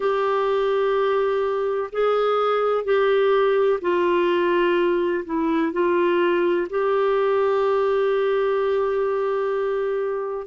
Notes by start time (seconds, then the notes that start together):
0.00 G4
1.92 G#4
2.84 G4
3.81 F4
5.25 E4
5.72 F4
6.69 G4